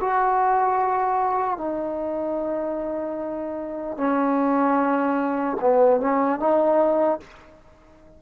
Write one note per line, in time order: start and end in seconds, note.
0.00 1.57 F#4
1.57 3.97 D#4
3.97 5.57 C#4
5.60 6.00 B3
6.00 6.39 C#4
6.39 7.19 D#4